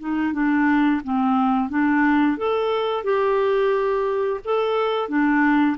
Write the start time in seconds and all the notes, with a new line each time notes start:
0.00 D#4
0.34 D4
1.04 C4
1.70 D4
2.38 A4
3.04 G4
4.45 A4
5.09 D4